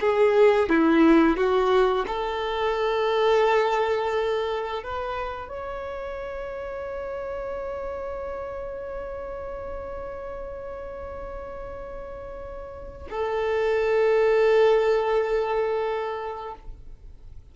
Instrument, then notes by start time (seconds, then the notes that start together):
violin
0.00 G#4
0.69 E4
1.36 F#4
2.07 A4
4.82 B4
5.48 C#5
13.10 A4